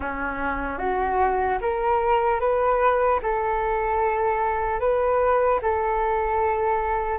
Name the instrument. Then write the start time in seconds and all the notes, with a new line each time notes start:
flute
0.00 C#4
0.78 F#4
1.61 A#4
2.40 B4
3.22 A4
4.80 B4
5.61 A4